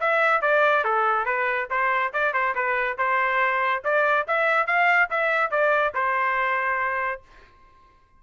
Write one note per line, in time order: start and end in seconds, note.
0.00 0.41 E5
0.41 0.84 D5
0.84 1.26 A4
1.26 1.68 B4
1.70 2.13 C5
2.13 2.33 D5
2.33 2.55 C5
2.55 2.97 B4
2.98 3.83 C5
3.84 4.26 D5
4.27 4.67 E5
4.67 5.09 F5
5.10 5.51 E5
5.51 5.93 D5
5.94 7.22 C5